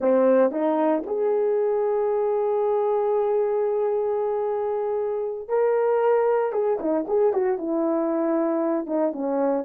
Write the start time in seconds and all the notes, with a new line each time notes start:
0.00 C4
0.51 D#4
1.06 G#4
5.48 A#4
6.52 G#4
6.79 D#4
7.07 G#4
7.33 F#4
7.58 E4
8.86 D#4
9.12 C#4